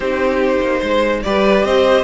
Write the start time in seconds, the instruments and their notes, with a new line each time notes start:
0.00 cello C4, viola D#4, violin G4 C5
0.60 cello A#3
0.79 cello G#3, violin C5
1.22 cello G3, viola G4, violin B4 D5
1.63 cello C4, violin C5 D#5